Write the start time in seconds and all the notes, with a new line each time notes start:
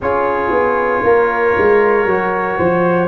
0.00 C#4 F4 G#4 C#5
0.50 B3
1.03 A#3 A#4
1.58 G#3
2.05 F#3 F#4
2.58 F3 C5